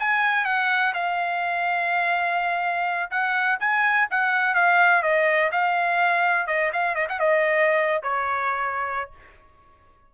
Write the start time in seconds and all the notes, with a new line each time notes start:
0.00 G#5
0.46 F#5
0.94 F5
3.11 F#5
3.60 G#5
4.11 F#5
4.55 F5
5.03 D#5
5.52 F5
6.48 D#5
6.73 F5
6.95 D#5
7.09 F#5
7.20 D#5
8.03 C#5